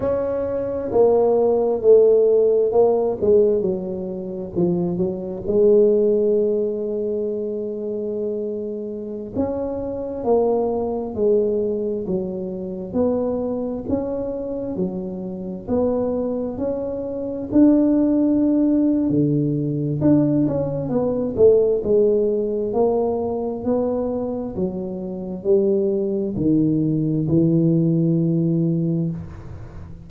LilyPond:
\new Staff \with { instrumentName = "tuba" } { \time 4/4 \tempo 4 = 66 cis'4 ais4 a4 ais8 gis8 | fis4 f8 fis8 gis2~ | gis2~ gis16 cis'4 ais8.~ | ais16 gis4 fis4 b4 cis'8.~ |
cis'16 fis4 b4 cis'4 d'8.~ | d'4 d4 d'8 cis'8 b8 a8 | gis4 ais4 b4 fis4 | g4 dis4 e2 | }